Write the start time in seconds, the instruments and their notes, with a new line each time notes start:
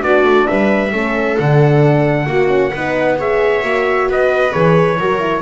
0.00 double bass B3, horn D4, viola F#4, trumpet D5
0.24 double bass A3
0.47 double bass G3, viola B4, trumpet E5
0.92 double bass A3, horn C#4, viola A4
1.37 double bass D3, horn D4, trumpet F#5
2.26 double bass A#3, viola F#4, horn F#4
2.47 horn C#4
2.71 double bass B3, horn D#4, viola B4
3.18 horn G#4, viola C#5, trumpet E5
3.62 double bass A#3, horn F#4
4.08 double bass B3, viola B4, trumpet D#5
4.51 double bass E3, horn G#4, trumpet C#5
4.97 double bass F#3, horn F#4, viola A#4
5.20 horn E4